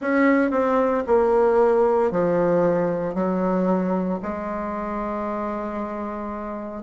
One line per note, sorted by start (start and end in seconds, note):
0.00 0.50 C#4
0.50 1.03 C4
1.06 2.11 A#3
2.11 3.14 F3
3.14 4.19 F#3
4.22 6.83 G#3